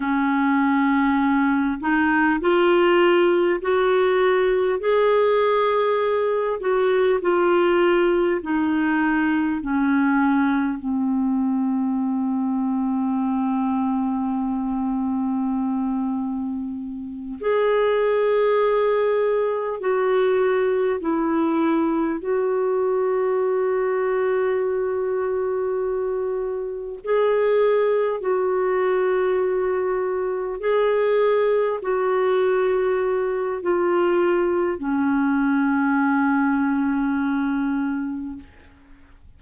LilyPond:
\new Staff \with { instrumentName = "clarinet" } { \time 4/4 \tempo 4 = 50 cis'4. dis'8 f'4 fis'4 | gis'4. fis'8 f'4 dis'4 | cis'4 c'2.~ | c'2~ c'8 gis'4.~ |
gis'8 fis'4 e'4 fis'4.~ | fis'2~ fis'8 gis'4 fis'8~ | fis'4. gis'4 fis'4. | f'4 cis'2. | }